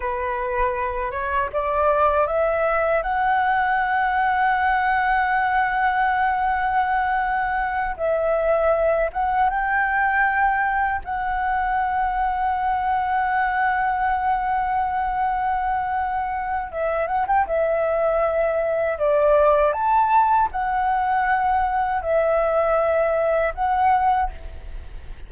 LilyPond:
\new Staff \with { instrumentName = "flute" } { \time 4/4 \tempo 4 = 79 b'4. cis''8 d''4 e''4 | fis''1~ | fis''2~ fis''8 e''4. | fis''8 g''2 fis''4.~ |
fis''1~ | fis''2 e''8 fis''16 g''16 e''4~ | e''4 d''4 a''4 fis''4~ | fis''4 e''2 fis''4 | }